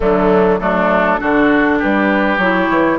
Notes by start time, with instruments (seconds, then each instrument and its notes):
0.00 bassoon D3, clarinet F#3, oboe A3, flute D4
0.59 bassoon F#3, clarinet A3, oboe D4, flute A4
1.18 bassoon D3, clarinet D4, oboe F#4
1.78 bassoon G3, oboe G4, flute B4
2.38 bassoon F#3, clarinet E4, flute C#5
2.69 bassoon E3